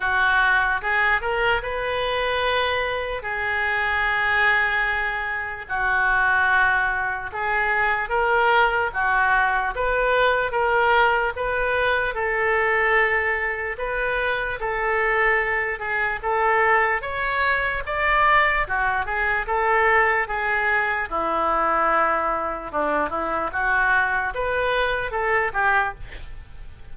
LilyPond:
\new Staff \with { instrumentName = "oboe" } { \time 4/4 \tempo 4 = 74 fis'4 gis'8 ais'8 b'2 | gis'2. fis'4~ | fis'4 gis'4 ais'4 fis'4 | b'4 ais'4 b'4 a'4~ |
a'4 b'4 a'4. gis'8 | a'4 cis''4 d''4 fis'8 gis'8 | a'4 gis'4 e'2 | d'8 e'8 fis'4 b'4 a'8 g'8 | }